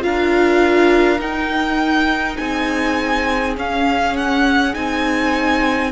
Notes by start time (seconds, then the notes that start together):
0.00 D4 F4 A#4 F5
1.18 D#4 G5
2.37 C4 G#4 G#5
3.57 C#4 F5
4.16 F#5
4.73 C4 D#4 G#5